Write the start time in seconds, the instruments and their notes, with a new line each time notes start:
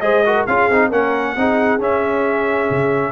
0.00 tuba G#3, trombone G#4, horn C5, trumpet D#5
0.25 trombone F#4, horn A#4
0.46 tuba C#4, trombone F4, horn G#4, trumpet F5
0.70 tuba C4, trombone D#4
0.89 tuba A#3, trombone C#4, horn A#4, trumpet F#5
1.36 tuba C4, trombone D#4, horn G#4
1.79 tuba C#4, trombone C#4, trumpet E5
2.70 tuba C#3